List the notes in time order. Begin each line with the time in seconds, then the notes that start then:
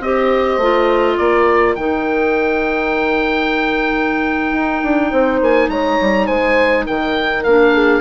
0.00 C4 G4 C5 D#5
0.58 A3 F4
1.18 A#3 A#4 D5
1.75 D#3 D#4 G5
4.53 D#4
4.83 D4
5.11 C4 C5
5.41 A#3 G#5
5.68 G#3 C#5 A#5
6.01 G3
6.27 G#3 C5 G#5
6.87 D#3 A#4 G5
7.44 A#3 D4 F5
7.74 G#4